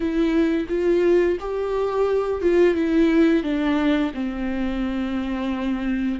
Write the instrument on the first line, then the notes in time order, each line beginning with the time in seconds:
viola
0.00 E4
0.69 F4
1.39 G4
2.41 F4
2.74 E4
3.43 D4
4.14 C4